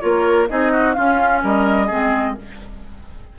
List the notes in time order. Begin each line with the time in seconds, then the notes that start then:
0.00 A#3 F4 A#4 C#5
0.49 C4 D#4 G#4 D#5
0.72 F#4
0.93 C#4 F4 F5
1.43 G3 A#4 D#5
1.87 G#3 C4 G#4